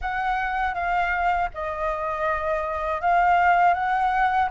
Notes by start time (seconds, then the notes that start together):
0.01 F#5
0.74 F5
1.53 D#5
3.01 F5
3.74 F#5